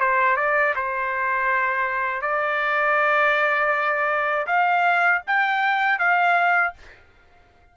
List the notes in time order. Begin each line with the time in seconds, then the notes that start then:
0.00 C5
0.36 D5
0.75 C5
2.22 D5
4.47 F5
5.27 G5
5.99 F5